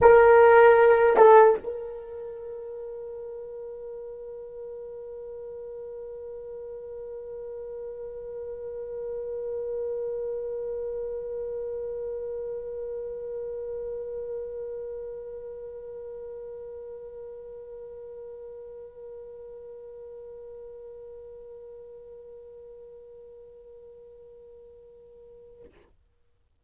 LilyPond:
\new Staff \with { instrumentName = "horn" } { \time 4/4 \tempo 4 = 75 ais'4. a'8 ais'2~ | ais'1~ | ais'1~ | ais'1~ |
ais'1~ | ais'1~ | ais'1~ | ais'1 | }